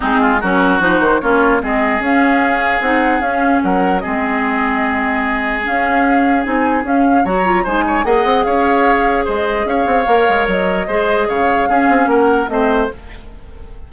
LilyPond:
<<
  \new Staff \with { instrumentName = "flute" } { \time 4/4 \tempo 4 = 149 gis'4 ais'4 c''4 cis''4 | dis''4 f''2 fis''4 | f''4 fis''4 dis''2~ | dis''2 f''2 |
gis''4 f''4 ais''4 gis''4 | fis''4 f''2 dis''4 | f''2 dis''2 | f''2 fis''4 dis''4 | }
  \new Staff \with { instrumentName = "oboe" } { \time 4/4 dis'8 f'8 fis'2 f'4 | gis'1~ | gis'4 ais'4 gis'2~ | gis'1~ |
gis'2 cis''4 c''8 cis''8 | dis''4 cis''2 c''4 | cis''2. c''4 | cis''4 gis'4 ais'4 c''4 | }
  \new Staff \with { instrumentName = "clarinet" } { \time 4/4 c'4 cis'4 dis'4 cis'4 | c'4 cis'2 dis'4 | cis'2 c'2~ | c'2 cis'2 |
dis'4 cis'4 fis'8 f'8 dis'4 | gis'1~ | gis'4 ais'2 gis'4~ | gis'4 cis'2 c'4 | }
  \new Staff \with { instrumentName = "bassoon" } { \time 4/4 gis4 fis4 f8 dis8 ais4 | gis4 cis'2 c'4 | cis'4 fis4 gis2~ | gis2 cis'2 |
c'4 cis'4 fis4 gis4 | ais8 c'8 cis'2 gis4 | cis'8 c'8 ais8 gis8 fis4 gis4 | cis4 cis'8 c'8 ais4 a4 | }
>>